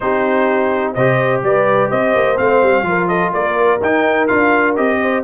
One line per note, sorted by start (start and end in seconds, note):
0.00 0.96 C4
0.00 0.96 D#4
0.00 0.94 G4
0.00 0.93 C5
0.94 1.42 C3
0.94 2.36 G4
0.94 1.42 C5
0.94 1.41 D#5
1.42 1.90 G3
1.42 1.89 B4
1.42 1.90 D5
1.89 2.15 C4
1.89 2.85 C5
1.89 2.37 D#5
2.15 2.39 A#3
2.36 2.62 A3
2.36 2.84 C4
2.36 3.08 F5
2.62 2.82 G3
2.82 3.29 F3
2.82 3.79 F4
2.88 3.08 A#4
3.08 3.32 A4
3.08 3.31 D#5
3.33 3.80 A#3
3.33 5.00 A#4
3.33 3.81 D5
3.81 4.28 D#4
3.81 4.27 G5
4.27 4.77 D4
4.27 4.75 F4
4.27 4.74 F5
4.75 5.24 C4
4.75 5.23 G4
4.75 5.24 D#5
5.01 5.24 C5